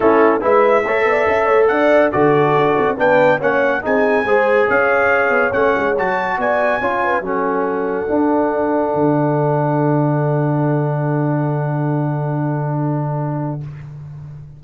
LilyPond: <<
  \new Staff \with { instrumentName = "trumpet" } { \time 4/4 \tempo 4 = 141 a'4 e''2. | fis''4 d''2 g''4 | fis''4 gis''2 f''4~ | f''4 fis''4 a''4 gis''4~ |
gis''4 fis''2.~ | fis''1~ | fis''1~ | fis''1 | }
  \new Staff \with { instrumentName = "horn" } { \time 4/4 e'4 b'4 cis''8 d''8 e''8 cis''8 | d''4 a'2 b'4 | cis''4 gis'4 c''4 cis''4~ | cis''2. d''4 |
cis''8 b'8 a'2.~ | a'1~ | a'1~ | a'1 | }
  \new Staff \with { instrumentName = "trombone" } { \time 4/4 cis'4 e'4 a'2~ | a'4 fis'2 d'4 | cis'4 dis'4 gis'2~ | gis'4 cis'4 fis'2 |
f'4 cis'2 d'4~ | d'1~ | d'1~ | d'1 | }
  \new Staff \with { instrumentName = "tuba" } { \time 4/4 a4 gis4 a8 b8 cis'8 a8 | d'4 d4 d'8 c'8 b4 | ais4 c'4 gis4 cis'4~ | cis'8 b8 a8 gis8 fis4 b4 |
cis'4 fis2 d'4~ | d'4 d2.~ | d1~ | d1 | }
>>